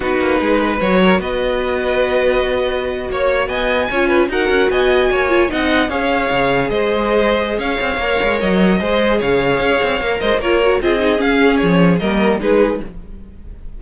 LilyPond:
<<
  \new Staff \with { instrumentName = "violin" } { \time 4/4 \tempo 4 = 150 b'2 cis''4 dis''4~ | dis''2.~ dis''8. cis''16~ | cis''8. gis''2 fis''4 gis''16~ | gis''4.~ gis''16 fis''4 f''4~ f''16~ |
f''8. dis''2~ dis''16 f''4~ | f''4 dis''2 f''4~ | f''4. dis''8 cis''4 dis''4 | f''4 cis''4 dis''4 b'4 | }
  \new Staff \with { instrumentName = "violin" } { \time 4/4 fis'4 gis'8 b'4 ais'8 b'4~ | b'2.~ b'8. cis''16~ | cis''8. dis''4 cis''8 b'8 ais'4 dis''16~ | dis''8. cis''4 dis''4 cis''4~ cis''16~ |
cis''8. c''2~ c''16 cis''4~ | cis''2 c''4 cis''4~ | cis''4. c''8 ais'4 gis'4~ | gis'2 ais'4 gis'4 | }
  \new Staff \with { instrumentName = "viola" } { \time 4/4 dis'2 fis'2~ | fis'1~ | fis'4.~ fis'16 f'4 fis'4~ fis'16~ | fis'4~ fis'16 f'8 dis'4 gis'4~ gis'16~ |
gis'1 | ais'2 gis'2~ | gis'4 ais'4 f'8 fis'8 f'8 dis'8 | cis'2 ais4 dis'4 | }
  \new Staff \with { instrumentName = "cello" } { \time 4/4 b8 ais8 gis4 fis4 b4~ | b2.~ b8. ais16~ | ais8. b4 cis'4 dis'8 cis'8 b16~ | b8. ais4 c'4 cis'4 cis16~ |
cis8. gis2~ gis16 cis'8 c'8 | ais8 gis8 fis4 gis4 cis4 | cis'8 c'8 ais8 gis8 ais4 c'4 | cis'4 f4 g4 gis4 | }
>>